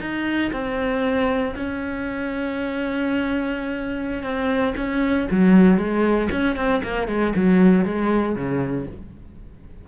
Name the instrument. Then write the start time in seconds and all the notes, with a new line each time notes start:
cello
0.00 D#4
0.52 C4
1.56 C#4
4.23 C4
4.76 C#4
5.31 F#3
5.77 G#3
6.31 C#4
6.56 C4
6.83 A#3
7.08 G#3
7.35 F#3
7.85 G#3
8.35 C#3